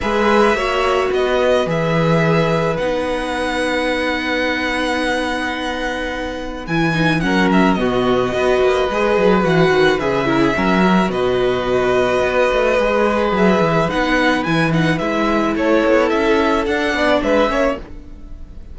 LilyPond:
<<
  \new Staff \with { instrumentName = "violin" } { \time 4/4 \tempo 4 = 108 e''2 dis''4 e''4~ | e''4 fis''2.~ | fis''1 | gis''4 fis''8 e''8 dis''2~ |
dis''4 fis''4 e''2 | dis''1 | e''4 fis''4 gis''8 fis''8 e''4 | cis''4 e''4 fis''4 e''4 | }
  \new Staff \with { instrumentName = "violin" } { \time 4/4 b'4 cis''4 b'2~ | b'1~ | b'1~ | b'4 ais'4 fis'4 b'4~ |
b'2~ b'8 ais'16 gis'16 ais'4 | b'1~ | b'1 | a'2~ a'8 d''8 b'8 cis''8 | }
  \new Staff \with { instrumentName = "viola" } { \time 4/4 gis'4 fis'2 gis'4~ | gis'4 dis'2.~ | dis'1 | e'8 dis'8 cis'4 b4 fis'4 |
gis'4 fis'4 gis'8 e'8 cis'8 fis'8~ | fis'2. gis'4~ | gis'4 dis'4 e'8 dis'8 e'4~ | e'2 d'4. cis'8 | }
  \new Staff \with { instrumentName = "cello" } { \time 4/4 gis4 ais4 b4 e4~ | e4 b2.~ | b1 | e4 fis4 b,4 b8 ais8 |
gis8 fis8 e8 dis8 cis4 fis4 | b,2 b8 a8 gis4 | fis8 e8 b4 e4 gis4 | a8 b8 cis'4 d'8 b8 gis8 ais8 | }
>>